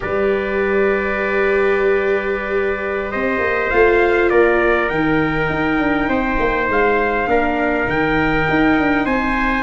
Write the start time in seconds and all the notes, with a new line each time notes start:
0.00 G3 G4 B4 D5
3.11 C4 C5 D#5
3.38 A#3
3.70 A3 F4 F5
4.29 A#3 A#4 D5
4.89 D#3 D#4 G5
5.49 D#4
5.78 D4
6.08 C4 C5
6.39 A#3
6.69 G#3 F5
7.26 A#3 D4 A#4
7.85 D#3 D#4 G5
8.49 D#4
8.78 D4
9.05 C4 C5 G#5